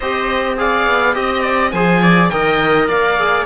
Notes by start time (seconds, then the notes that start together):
0.00 C4 G4 C5 D#5
0.57 G#4 D5 F5
0.86 B3
1.13 C4 G4 D#5
1.42 D5
1.71 F3 G#4 C5 G#5
2.01 D5
2.28 D#3 A#4 D#5 G5
2.87 A#3 D5 F5
3.18 G#4